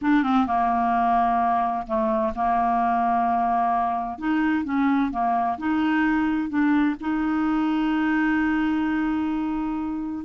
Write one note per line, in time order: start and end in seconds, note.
0.01 0.23 D4
0.23 0.46 C4
0.47 1.86 A#3
1.86 2.33 A3
2.35 4.18 A#3
4.18 4.64 D#4
4.64 5.11 C#4
5.11 5.57 A#3
5.58 6.49 D#4
6.49 6.95 D4
7.00 10.24 D#4